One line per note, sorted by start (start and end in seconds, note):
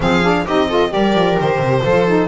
0.00 0.46 F3
0.00 0.22 C4
0.00 0.45 G#4
0.00 0.47 F5
0.22 0.45 D4
0.45 0.92 C4
0.45 0.69 D#4
0.45 0.68 G4
0.45 0.92 D#5
0.68 0.89 F4
0.68 0.91 A4
0.89 1.14 G3
0.89 1.80 G4
0.89 1.84 A#4
0.89 1.38 D5
1.14 1.37 F3
1.39 1.58 D#3
1.39 2.27 C5
1.58 1.81 C3
1.83 2.27 F3
1.83 2.07 F4
1.83 2.27 A4
2.07 2.27 D#4